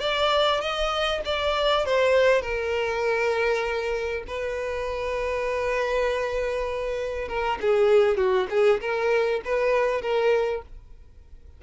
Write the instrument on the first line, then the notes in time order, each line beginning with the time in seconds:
violin
0.00 D5
0.61 D#5
1.25 D5
1.86 C5
2.42 A#4
4.27 B4
7.28 A#4
7.61 G#4
8.17 F#4
8.50 G#4
8.81 A#4
9.45 B4
10.01 A#4